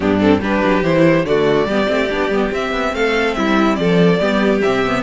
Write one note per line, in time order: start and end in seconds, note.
0.00 0.40 G2
0.00 0.20 B3
0.00 0.40 D4
0.00 0.18 G4
0.20 0.41 C4
0.20 0.41 A4
0.40 0.61 G3
0.40 0.83 D4
0.40 1.24 G4
0.40 0.83 B4
0.64 0.82 F#3
0.82 1.24 E3
0.82 1.25 E4
0.82 1.25 C5
1.24 1.65 D3
1.24 1.69 A3
1.24 1.67 F#4
1.24 2.51 D5
1.65 1.86 G3
1.65 1.87 B3
1.65 2.93 G4
1.87 2.10 A3
1.87 2.08 C4
2.10 2.29 B3
2.10 2.31 D4
2.29 2.50 G3
2.29 2.51 B3
2.51 4.19 C4
2.51 2.72 C4
2.51 2.94 E5
2.72 2.93 B3
2.93 3.35 A3
2.93 3.37 A4
2.93 3.34 F5
3.34 3.77 G3
3.34 3.79 E4
3.34 3.75 E5
3.75 4.19 F3
3.75 4.20 A4
3.75 4.59 D5
4.20 4.62 G3
4.20 4.62 B3
4.20 5.02 G4
4.61 5.02 C3
4.61 4.85 C4
4.61 5.02 E5
4.85 5.02 B3